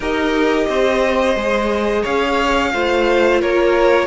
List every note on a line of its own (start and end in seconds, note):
0.00 0.66 D#4
0.00 1.36 G4
0.00 0.67 A#4
0.00 2.04 D#5
0.68 1.35 C4
0.68 2.02 C5
1.35 2.03 G#3
1.35 2.73 G#4
2.02 2.73 C#4
2.02 2.70 C#5
2.02 3.41 F5
2.73 3.42 A3
2.73 4.07 F4
2.73 3.41 C5
3.41 4.07 A#3
3.41 4.07 A#4
3.41 4.07 C#5